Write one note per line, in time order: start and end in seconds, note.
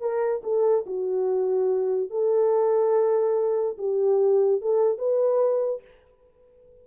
0.00 0.42 A#4
0.44 0.85 A4
0.86 2.10 F#4
2.10 3.77 A4
3.78 4.61 G4
4.61 4.98 A4
4.98 5.81 B4